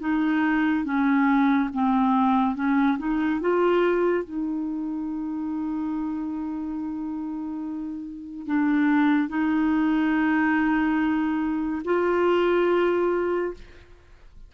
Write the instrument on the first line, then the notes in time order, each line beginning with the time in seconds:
clarinet
0.00 D#4
0.85 C#4
1.74 C4
2.55 C#4
2.98 D#4
3.41 F4
4.24 D#4
8.47 D4
9.29 D#4
11.85 F4